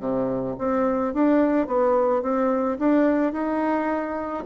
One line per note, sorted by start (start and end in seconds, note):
0.00 0.56 C3
0.59 1.14 C4
1.14 1.67 D4
1.67 2.22 B3
2.22 2.78 C4
2.79 3.33 D4
3.33 4.44 D#4